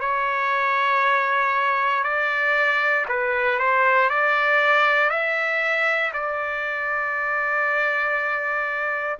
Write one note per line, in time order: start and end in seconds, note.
0.00 2.03 C#5
2.04 3.06 D5
3.08 3.59 B4
3.59 4.10 C5
4.10 5.10 D5
5.10 6.12 E5
6.13 9.18 D5